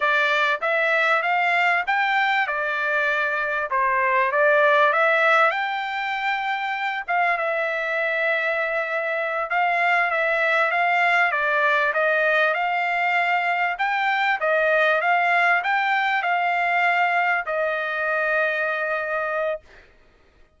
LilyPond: \new Staff \with { instrumentName = "trumpet" } { \time 4/4 \tempo 4 = 98 d''4 e''4 f''4 g''4 | d''2 c''4 d''4 | e''4 g''2~ g''8 f''8 | e''2.~ e''8 f''8~ |
f''8 e''4 f''4 d''4 dis''8~ | dis''8 f''2 g''4 dis''8~ | dis''8 f''4 g''4 f''4.~ | f''8 dis''2.~ dis''8 | }